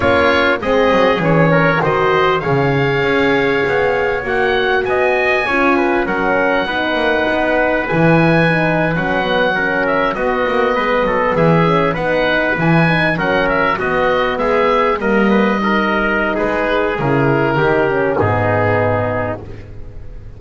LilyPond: <<
  \new Staff \with { instrumentName = "oboe" } { \time 4/4 \tempo 4 = 99 cis''4 dis''4 cis''4 dis''4 | f''2. fis''4 | gis''2 fis''2~ | fis''4 gis''4.~ gis''16 fis''4~ fis''16~ |
fis''16 e''8 dis''2 e''4 fis''16~ | fis''8. gis''4 fis''8 e''8 dis''4 e''16~ | e''8. dis''2~ dis''16 b'4 | ais'2 gis'2 | }
  \new Staff \with { instrumentName = "trumpet" } { \time 4/4 f'4 gis'4. ais'8 c''4 | cis''1 | dis''4 cis''8 b'8 ais'4 b'4~ | b'2.~ b'8. ais'16~ |
ais'8. fis'4 b'8 a'8 gis'4 b'16~ | b'4.~ b'16 ais'4 fis'4 gis'16~ | gis'8. ais'8 b'8 ais'4~ ais'16 gis'4~ | gis'4 g'4 dis'2 | }
  \new Staff \with { instrumentName = "horn" } { \time 4/4 cis'4 c'4 cis'4 fis'4 | gis'2. fis'4~ | fis'4 f'4 cis'4 dis'4~ | dis'4 e'4 dis'8. cis'8 b8 cis'16~ |
cis'8. b2~ b8 cis'8 dis'16~ | dis'8. e'8 dis'8 cis'4 b4~ b16~ | b8. ais4 dis'2~ dis'16 | e'4 dis'8 cis'8 b2 | }
  \new Staff \with { instrumentName = "double bass" } { \time 4/4 ais4 gis8 fis8 e4 dis4 | cis4 cis'4 b4 ais4 | b4 cis'4 fis4 b8 ais8 | b4 e4.~ e16 fis4~ fis16~ |
fis8. b8 ais8 gis8 fis8 e4 b16~ | b8. e4 fis4 b4 gis16~ | gis8. g2~ g16 gis4 | cis4 dis4 gis,2 | }
>>